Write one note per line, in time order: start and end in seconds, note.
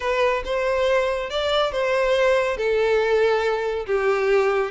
0.00 0.43 B4
0.44 1.30 C5
1.30 1.71 D5
1.71 2.57 C5
2.57 3.86 A4
3.86 4.71 G4